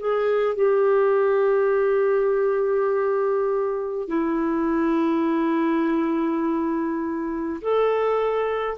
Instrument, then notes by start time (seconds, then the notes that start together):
clarinet
0.00 G#4
0.56 G4
4.09 E4
7.62 A4